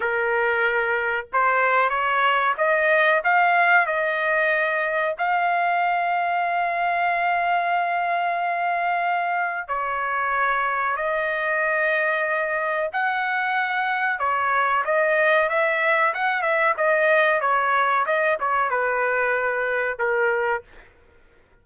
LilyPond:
\new Staff \with { instrumentName = "trumpet" } { \time 4/4 \tempo 4 = 93 ais'2 c''4 cis''4 | dis''4 f''4 dis''2 | f''1~ | f''2. cis''4~ |
cis''4 dis''2. | fis''2 cis''4 dis''4 | e''4 fis''8 e''8 dis''4 cis''4 | dis''8 cis''8 b'2 ais'4 | }